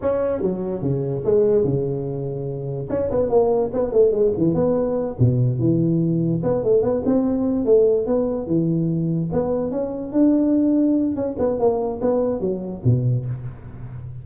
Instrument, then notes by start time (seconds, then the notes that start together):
tuba
0.01 C#4
0.41 F#3
0.81 C#3
1.24 G#3
1.64 C#3
2.89 C#4
3.10 B3
3.29 A#3
3.73 B3
3.92 A3
4.11 G#3
4.37 E3
4.54 B3
5.19 B2
5.59 E3
6.43 B3
6.63 A3
6.82 B3
7.05 C4
7.65 A3
8.06 B3
8.46 E3
9.32 B3
9.71 C#4
10.12 D4
11.15 C#4
11.38 B3
11.59 A#3
12.01 B3
12.40 F#3
12.84 B2